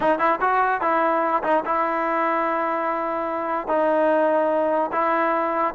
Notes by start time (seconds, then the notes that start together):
0.00 D#4
0.18 E4
0.40 F#4
0.81 E4
1.43 D#4
1.65 E4
3.67 D#4
4.92 E4